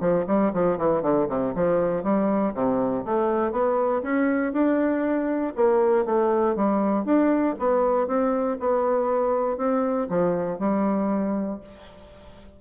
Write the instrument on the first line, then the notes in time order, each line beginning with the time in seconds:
bassoon
0.00 F3
0.27 G3
0.53 F3
0.78 E3
1.02 D3
1.29 C3
1.55 F3
2.04 G3
2.54 C3
3.05 A3
3.52 B3
4.03 C#4
4.53 D4
5.56 A#3
6.05 A3
6.56 G3
7.05 D4
7.59 B3
8.07 C4
8.60 B3
9.58 C4
10.10 F3
10.59 G3